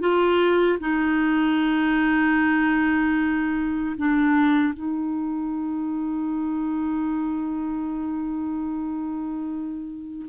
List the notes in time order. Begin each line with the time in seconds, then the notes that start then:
0.00 F4
0.80 D#4
3.97 D4
4.74 D#4